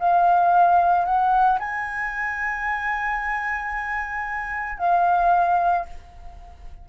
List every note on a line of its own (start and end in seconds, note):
0.00 1.05 F5
1.05 1.59 F#5
1.59 4.79 G#5
4.79 5.86 F5